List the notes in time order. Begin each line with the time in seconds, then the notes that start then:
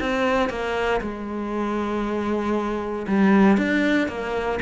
0.00 C4
0.49 A#3
1.01 G#3
3.07 G3
3.57 D4
4.08 A#3